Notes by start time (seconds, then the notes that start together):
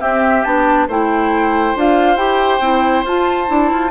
0.00 C4 G4 E5
0.44 B3 D4 A5
0.88 A3 E4 C5 G5
1.76 D4 F4 F5
2.16 E4 G4 G5
2.60 C4 E4
3.04 F4 A5
3.47 D4 E4
3.72 F4